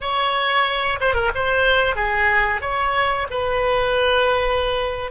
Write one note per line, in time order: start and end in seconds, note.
0.00 0.99 C#5
1.00 1.14 C5
1.14 1.30 A#4
1.35 1.95 C5
1.95 2.61 G#4
2.61 3.27 C#5
3.30 5.11 B4